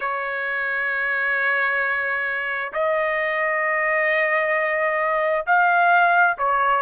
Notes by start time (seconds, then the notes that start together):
0.00 C#5
2.73 D#5
5.46 F5
6.38 C#5